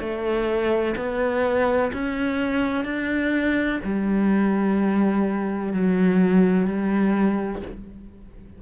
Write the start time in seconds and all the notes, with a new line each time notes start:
0.00 A3
0.97 B3
1.93 C#4
2.85 D4
3.84 G3
5.73 F#3
6.67 G3